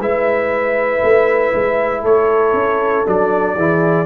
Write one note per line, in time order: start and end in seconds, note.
0.00 1.02 G#3
0.00 3.06 E4
0.00 2.02 B4
0.00 2.05 E5
1.02 1.53 A3
1.54 2.05 G#3
2.02 2.54 A3
2.02 3.55 A4
2.02 3.07 C#5
2.54 3.05 C#4
3.06 3.57 F#3
3.06 3.57 D4
3.06 4.06 D5
3.56 4.06 E3
3.56 4.06 E4
3.56 4.06 G#4